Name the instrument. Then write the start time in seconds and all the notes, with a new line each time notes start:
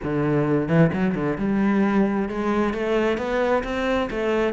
cello
0.03 D3
0.68 E3
0.92 F#3
1.14 D3
1.38 G3
2.29 G#3
2.73 A3
3.17 B3
3.63 C4
4.10 A3